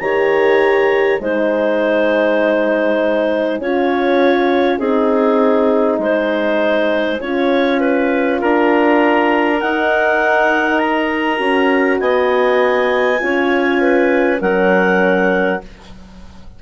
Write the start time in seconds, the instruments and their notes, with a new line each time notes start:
0.00 bassoon D#3, horn G4, clarinet C#5 A#5
1.20 bassoon G#3, horn D#4, clarinet C5 G#5
3.60 bassoon C#4, horn F4, clarinet C#5
4.79 bassoon C4, horn D#4, clarinet G#4
5.99 bassoon G#3, clarinet C5
7.20 bassoon C#4, horn F4, clarinet C#5
7.81 clarinet B4
8.41 bassoon D4, clarinet A#4 A#5
9.61 horn D#4, bassoon D#4, clarinet F#5
10.79 clarinet A#5
11.37 bassoon C#4, horn F#4
12.00 bassoon B3, clarinet D#5 G#5
13.20 bassoon C#4, horn F4, clarinet C#5
13.81 clarinet B4
14.41 bassoon F#3, horn C#4, clarinet A#4 F#5